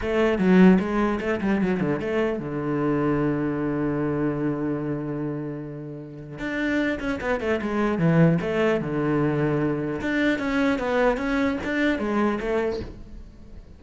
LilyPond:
\new Staff \with { instrumentName = "cello" } { \time 4/4 \tempo 4 = 150 a4 fis4 gis4 a8 g8 | fis8 d8 a4 d2~ | d1~ | d1 |
d'4. cis'8 b8 a8 gis4 | e4 a4 d2~ | d4 d'4 cis'4 b4 | cis'4 d'4 gis4 a4 | }